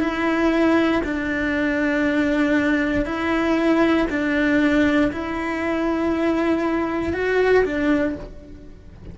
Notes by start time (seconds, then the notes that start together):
0.00 E4
1.04 D4
3.06 E4
4.10 D4
5.13 E4
7.14 F#4
7.65 D4